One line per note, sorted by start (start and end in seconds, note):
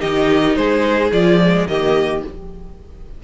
0.00 0.57 D#3
0.00 1.10 D#4
0.00 0.56 G4
0.00 0.56 D#5
0.56 1.12 G#3
0.56 1.69 G#4
0.56 1.11 C5
1.12 1.67 F3
1.12 1.41 F4
1.12 1.68 D5
1.41 1.69 G#3
1.68 2.24 D#3
1.68 2.24 A#3
1.68 2.24 G4
1.68 2.23 D#5